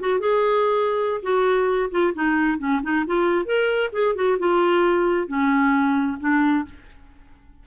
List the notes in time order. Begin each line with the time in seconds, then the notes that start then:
0.00 F#4
0.19 G#4
1.22 F#4
1.91 F4
2.14 D#4
2.58 C#4
2.83 D#4
3.06 F4
3.45 A#4
3.92 G#4
4.15 F#4
4.38 F4
5.27 C#4
6.20 D4